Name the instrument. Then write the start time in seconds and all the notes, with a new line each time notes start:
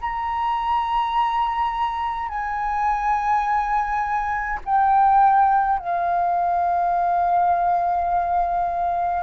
flute
0.00 A#5
2.28 G#5
4.65 G5
5.78 F5